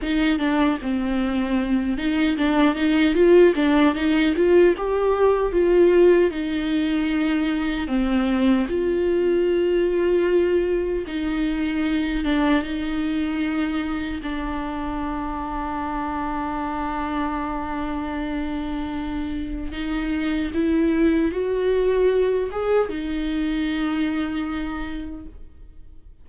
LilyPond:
\new Staff \with { instrumentName = "viola" } { \time 4/4 \tempo 4 = 76 dis'8 d'8 c'4. dis'8 d'8 dis'8 | f'8 d'8 dis'8 f'8 g'4 f'4 | dis'2 c'4 f'4~ | f'2 dis'4. d'8 |
dis'2 d'2~ | d'1~ | d'4 dis'4 e'4 fis'4~ | fis'8 gis'8 dis'2. | }